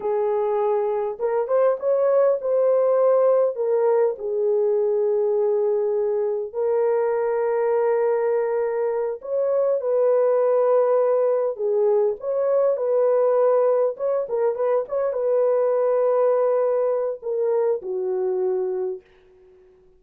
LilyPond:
\new Staff \with { instrumentName = "horn" } { \time 4/4 \tempo 4 = 101 gis'2 ais'8 c''8 cis''4 | c''2 ais'4 gis'4~ | gis'2. ais'4~ | ais'2.~ ais'8 cis''8~ |
cis''8 b'2. gis'8~ | gis'8 cis''4 b'2 cis''8 | ais'8 b'8 cis''8 b'2~ b'8~ | b'4 ais'4 fis'2 | }